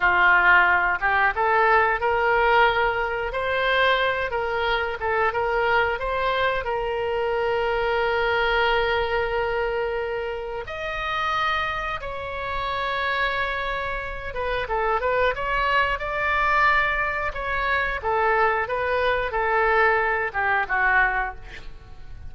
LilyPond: \new Staff \with { instrumentName = "oboe" } { \time 4/4 \tempo 4 = 90 f'4. g'8 a'4 ais'4~ | ais'4 c''4. ais'4 a'8 | ais'4 c''4 ais'2~ | ais'1 |
dis''2 cis''2~ | cis''4. b'8 a'8 b'8 cis''4 | d''2 cis''4 a'4 | b'4 a'4. g'8 fis'4 | }